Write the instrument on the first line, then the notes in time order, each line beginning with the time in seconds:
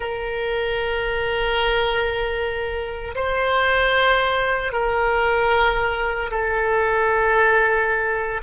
oboe
0.00 A#4
3.15 C5
4.72 A#4
6.30 A4